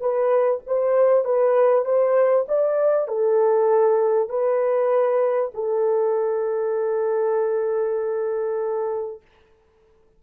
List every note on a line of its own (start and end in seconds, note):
0.00 0.61 B4
0.66 1.24 C5
1.24 1.85 B4
1.85 2.46 C5
2.48 3.08 D5
3.08 4.29 A4
4.29 5.51 B4
5.54 9.21 A4